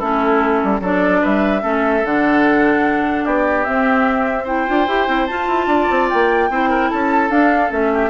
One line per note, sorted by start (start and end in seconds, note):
0.00 0.63 A3
0.00 0.83 C#4
0.00 0.81 E4
0.00 0.81 A4
0.64 0.81 G3
0.81 1.21 F#3
0.81 1.62 D4
0.81 1.22 A4
0.81 1.25 D5
1.22 1.64 G3
1.22 1.62 B4
1.22 2.06 E5
1.62 2.04 A3
1.62 2.03 C#4
1.62 3.25 A4
2.05 3.26 D3
2.05 3.66 D4
2.05 3.25 F#5
3.25 3.67 B3
3.25 4.44 G4
3.25 3.65 D5
3.65 4.47 C4
3.65 4.69 C4
3.65 4.46 E5
4.44 4.67 E4
4.44 5.66 C5
4.44 5.27 G5
4.67 4.88 D4
4.67 4.87 F4
4.88 5.08 E4
4.88 5.08 G4
5.08 5.28 C4
5.08 5.28 E4
5.27 6.51 F4
5.27 5.48 F4
5.27 6.08 A5
5.48 5.67 E4
5.67 5.87 D4
5.67 6.50 D5
5.91 6.11 C4
6.10 6.50 A#3
6.10 6.91 G5
6.50 6.91 C4
6.50 7.30 E4
6.50 6.70 C5
6.70 6.90 A#4
6.90 7.30 C#4
6.90 7.92 A4
6.90 7.31 A5
7.30 7.71 D4
7.30 7.70 D4
7.30 7.72 F5
7.70 8.10 A3
7.70 8.10 C#4
7.70 8.10 E5
7.94 8.10 G4